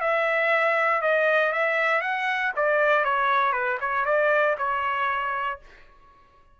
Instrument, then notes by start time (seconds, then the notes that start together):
trumpet
0.00 E5
1.01 D#5
1.52 E5
2.01 F#5
2.56 D5
3.04 C#5
3.52 B4
3.80 C#5
4.05 D5
4.58 C#5